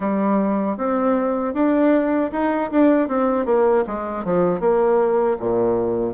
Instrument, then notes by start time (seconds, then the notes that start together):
bassoon
0.00 G3
0.77 C4
1.53 D4
2.32 D#4
2.71 D4
3.08 C4
3.45 A#3
3.86 G#3
4.24 F3
4.59 A#3
5.39 A#2